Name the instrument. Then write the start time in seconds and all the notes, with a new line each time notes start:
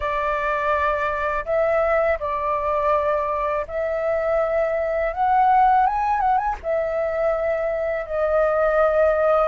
flute
0.00 D5
1.45 E5
2.20 D5
3.67 E5
5.13 F#5
5.86 G#5
6.20 F#5
6.37 G#5
6.62 E5
8.06 D#5